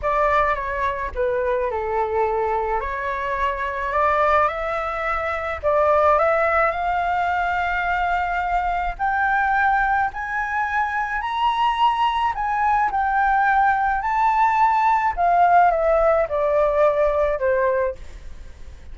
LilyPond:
\new Staff \with { instrumentName = "flute" } { \time 4/4 \tempo 4 = 107 d''4 cis''4 b'4 a'4~ | a'4 cis''2 d''4 | e''2 d''4 e''4 | f''1 |
g''2 gis''2 | ais''2 gis''4 g''4~ | g''4 a''2 f''4 | e''4 d''2 c''4 | }